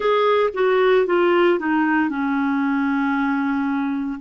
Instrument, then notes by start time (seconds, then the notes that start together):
clarinet
0.00 G#4
0.53 F#4
1.06 F4
1.59 D#4
2.09 C#4